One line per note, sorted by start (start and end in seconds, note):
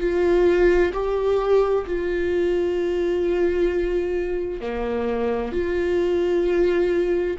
0.00 0.92 F4
0.93 1.85 G4
1.86 4.61 F4
4.61 5.52 A#3
5.52 7.37 F4